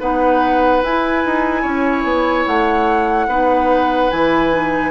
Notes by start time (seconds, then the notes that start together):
0.00 B3 D#4 B4 F#5
0.83 E4 G#5
1.26 D#4
1.62 C#4 C#5
2.04 B3
2.47 A3 F#5
3.28 B3 D#4 B4
4.11 E3 E4 G#5
4.52 D#4